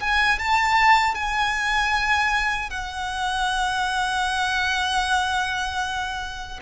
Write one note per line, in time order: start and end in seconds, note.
0.00 0.39 G#5
0.39 1.15 A5
1.15 2.70 G#5
2.70 6.60 F#5